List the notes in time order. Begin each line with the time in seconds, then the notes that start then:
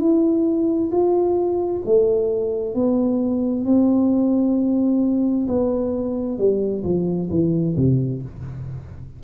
0.00 E4
0.91 F4
1.86 A3
2.75 B3
3.65 C4
5.48 B3
6.38 G3
6.84 F3
7.30 E3
7.77 C3